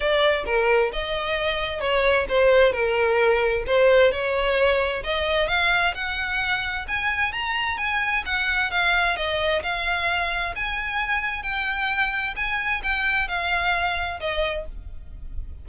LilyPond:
\new Staff \with { instrumentName = "violin" } { \time 4/4 \tempo 4 = 131 d''4 ais'4 dis''2 | cis''4 c''4 ais'2 | c''4 cis''2 dis''4 | f''4 fis''2 gis''4 |
ais''4 gis''4 fis''4 f''4 | dis''4 f''2 gis''4~ | gis''4 g''2 gis''4 | g''4 f''2 dis''4 | }